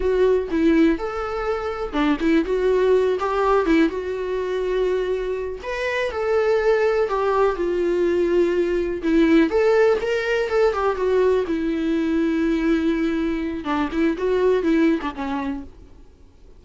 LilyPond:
\new Staff \with { instrumentName = "viola" } { \time 4/4 \tempo 4 = 123 fis'4 e'4 a'2 | d'8 e'8 fis'4. g'4 e'8 | fis'2.~ fis'8 b'8~ | b'8 a'2 g'4 f'8~ |
f'2~ f'8 e'4 a'8~ | a'8 ais'4 a'8 g'8 fis'4 e'8~ | e'1 | d'8 e'8 fis'4 e'8. d'16 cis'4 | }